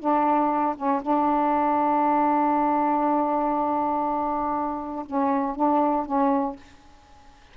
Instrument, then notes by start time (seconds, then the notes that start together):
saxophone
0.00 D4
0.77 C#4
1.02 D4
5.06 C#4
5.56 D4
6.06 C#4